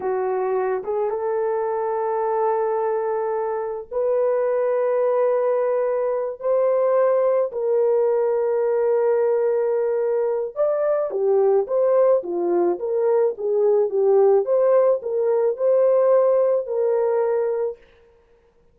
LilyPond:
\new Staff \with { instrumentName = "horn" } { \time 4/4 \tempo 4 = 108 fis'4. gis'8 a'2~ | a'2. b'4~ | b'2.~ b'8 c''8~ | c''4. ais'2~ ais'8~ |
ais'2. d''4 | g'4 c''4 f'4 ais'4 | gis'4 g'4 c''4 ais'4 | c''2 ais'2 | }